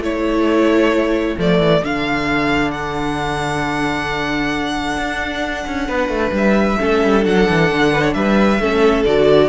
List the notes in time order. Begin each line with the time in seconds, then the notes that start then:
0.00 A3 E4 A4 C#5
1.38 F3 A3 D5
1.59 E3
1.83 D3 D4 F5
2.71 F#5
4.97 D4
5.66 C#4
5.88 B3 B4
6.08 A3
6.31 G3 E5
6.79 A3 C#4 A4
7.03 G3
7.22 F#3 D4 F#5
7.50 E3
7.70 D3
7.92 B4
8.02 C#5
8.13 G3 B4 E5
8.59 A3 C#4 A4
9.05 D3 F#4 D5